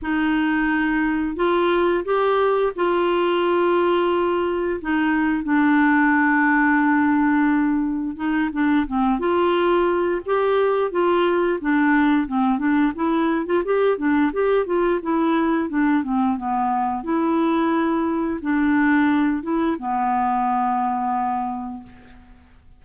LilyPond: \new Staff \with { instrumentName = "clarinet" } { \time 4/4 \tempo 4 = 88 dis'2 f'4 g'4 | f'2. dis'4 | d'1 | dis'8 d'8 c'8 f'4. g'4 |
f'4 d'4 c'8 d'8 e'8. f'16 | g'8 d'8 g'8 f'8 e'4 d'8 c'8 | b4 e'2 d'4~ | d'8 e'8 b2. | }